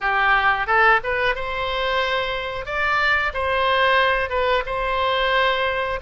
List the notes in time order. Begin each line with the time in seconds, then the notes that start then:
0.01 G4
0.66 A4
1.03 B4
1.35 C5
2.65 D5
3.33 C5
4.29 B4
4.66 C5